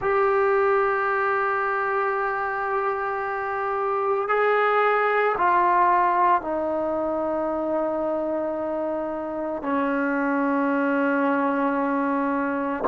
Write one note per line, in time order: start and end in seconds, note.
0.00 4.28 G4
4.28 5.35 G#4
5.37 6.41 F4
6.41 9.62 D#4
9.62 12.83 C#4